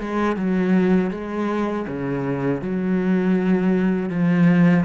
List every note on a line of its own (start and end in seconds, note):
0.00 0.36 G#3
0.36 1.11 F#3
1.11 1.86 G#3
1.88 2.61 C#3
2.61 4.09 F#3
4.09 4.84 F3